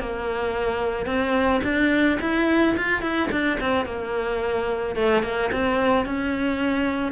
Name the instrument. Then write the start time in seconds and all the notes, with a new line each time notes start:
cello
0.00 A#3
1.06 C4
1.64 D4
2.21 E4
2.77 F4
3.02 E4
3.32 D4
3.61 C4
3.86 A#3
4.96 A3
5.23 A#3
5.52 C4
6.06 C#4